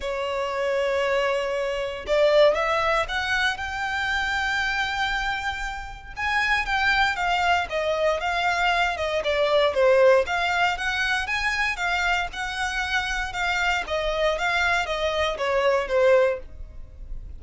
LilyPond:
\new Staff \with { instrumentName = "violin" } { \time 4/4 \tempo 4 = 117 cis''1 | d''4 e''4 fis''4 g''4~ | g''1 | gis''4 g''4 f''4 dis''4 |
f''4. dis''8 d''4 c''4 | f''4 fis''4 gis''4 f''4 | fis''2 f''4 dis''4 | f''4 dis''4 cis''4 c''4 | }